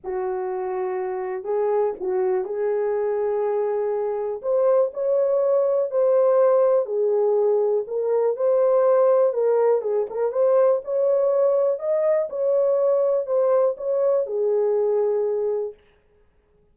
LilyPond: \new Staff \with { instrumentName = "horn" } { \time 4/4 \tempo 4 = 122 fis'2. gis'4 | fis'4 gis'2.~ | gis'4 c''4 cis''2 | c''2 gis'2 |
ais'4 c''2 ais'4 | gis'8 ais'8 c''4 cis''2 | dis''4 cis''2 c''4 | cis''4 gis'2. | }